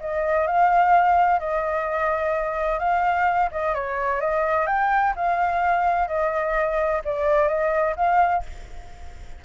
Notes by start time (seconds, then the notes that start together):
0.00 D#5
0.47 F5
1.39 D#5
2.79 F5
3.51 D#5
3.74 C#5
4.20 D#5
4.67 G5
5.16 F5
6.08 D#5
7.04 D5
7.48 D#5
7.96 F5